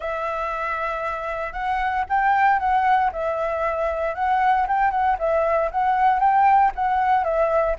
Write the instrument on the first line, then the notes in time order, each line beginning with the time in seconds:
flute
0.00 E5
1.53 F#5
2.09 G5
2.59 F#5
3.12 E5
4.14 F#5
4.67 G5
4.90 F#5
5.18 E5
5.71 F#5
6.19 G5
6.75 F#5
7.24 E5